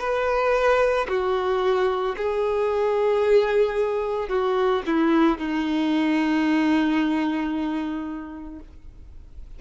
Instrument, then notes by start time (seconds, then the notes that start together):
violin
0.00 B4
1.09 F#4
2.17 G#4
4.29 F#4
4.87 E4
5.38 D#4